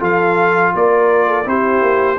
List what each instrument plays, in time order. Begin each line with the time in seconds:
0.00 tuba F3, trombone F4, horn A4, trumpet F5
0.75 tuba A#3, horn A#4, trumpet D5
1.28 horn A4
1.45 tuba C4, trombone E4, horn G4, trumpet C5
1.82 tuba A#3